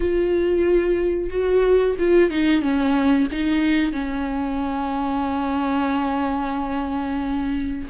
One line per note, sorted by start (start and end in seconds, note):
0.00 1.30 F4
1.30 1.96 F#4
1.98 2.30 F4
2.30 2.61 D#4
2.61 3.27 C#4
3.31 3.92 D#4
3.92 7.88 C#4